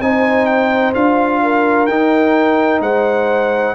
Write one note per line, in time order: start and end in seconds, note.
0.00 0.94 C4
0.00 0.94 D#4
0.00 1.43 C5
0.00 0.46 G#5
0.46 0.92 G5
0.94 1.88 D4
0.94 1.88 F4
0.94 1.86 F5
1.43 2.81 A#4
1.86 2.80 D#4
1.86 3.75 D#4
1.86 2.80 G5
2.80 3.74 G#3
2.80 3.75 C5
2.80 3.75 F#5